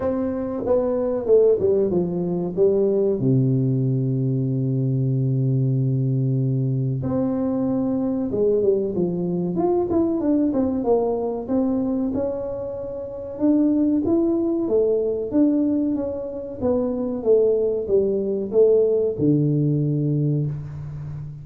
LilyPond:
\new Staff \with { instrumentName = "tuba" } { \time 4/4 \tempo 4 = 94 c'4 b4 a8 g8 f4 | g4 c2.~ | c2. c'4~ | c'4 gis8 g8 f4 f'8 e'8 |
d'8 c'8 ais4 c'4 cis'4~ | cis'4 d'4 e'4 a4 | d'4 cis'4 b4 a4 | g4 a4 d2 | }